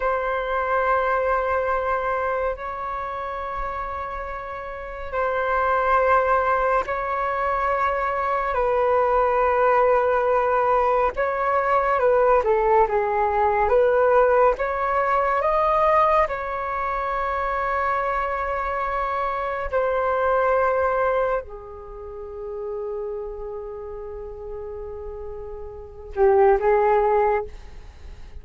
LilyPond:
\new Staff \with { instrumentName = "flute" } { \time 4/4 \tempo 4 = 70 c''2. cis''4~ | cis''2 c''2 | cis''2 b'2~ | b'4 cis''4 b'8 a'8 gis'4 |
b'4 cis''4 dis''4 cis''4~ | cis''2. c''4~ | c''4 gis'2.~ | gis'2~ gis'8 g'8 gis'4 | }